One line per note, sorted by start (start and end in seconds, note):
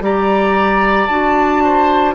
0.00 1.07 G3
0.00 1.08 G4
0.00 1.64 D5
0.00 1.07 A#5
1.07 2.14 D4
1.07 2.14 F#4
1.07 2.14 A5
1.64 2.14 C5